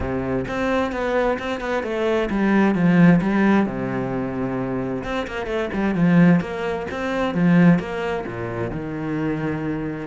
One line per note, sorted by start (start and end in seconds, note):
0.00 0.45 C3
0.47 0.92 C4
0.92 1.37 B3
1.38 1.60 C4
1.60 1.83 B3
1.83 2.29 A3
2.29 2.74 G3
2.74 3.20 F3
3.21 3.66 G3
3.66 5.03 C3
5.04 5.27 C4
5.27 5.46 A#3
5.46 5.69 A3
5.73 5.94 G3
5.94 6.40 F3
6.40 6.86 A#3
6.91 7.34 C4
7.34 7.79 F3
7.79 8.24 A#3
8.26 8.70 A#2
8.70 10.07 D#3